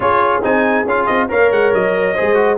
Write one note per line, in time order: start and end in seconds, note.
0.00 0.41 C#4
0.00 0.42 F4
0.00 1.28 G#4
0.00 0.43 C#5
0.42 0.85 C4
0.42 0.85 D#4
0.42 0.87 G#5
0.85 1.06 C#4
0.85 1.28 F4
0.85 1.05 F5
1.05 1.30 C4
1.05 1.27 D#5
1.28 1.51 A#3
1.28 2.15 A#4
1.28 2.14 C#5
1.28 1.52 F5
1.51 1.73 G#3
1.51 1.73 F#5
1.73 2.16 F#3
1.73 2.57 D#5
2.14 2.57 G#3
2.14 2.34 G#4
2.14 2.57 C5
2.34 2.56 F#4